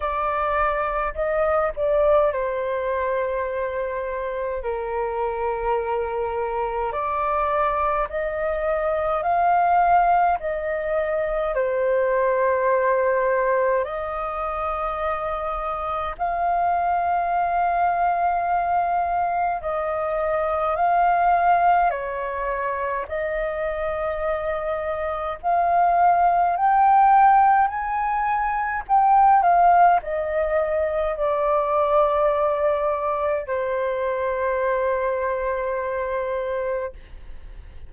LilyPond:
\new Staff \with { instrumentName = "flute" } { \time 4/4 \tempo 4 = 52 d''4 dis''8 d''8 c''2 | ais'2 d''4 dis''4 | f''4 dis''4 c''2 | dis''2 f''2~ |
f''4 dis''4 f''4 cis''4 | dis''2 f''4 g''4 | gis''4 g''8 f''8 dis''4 d''4~ | d''4 c''2. | }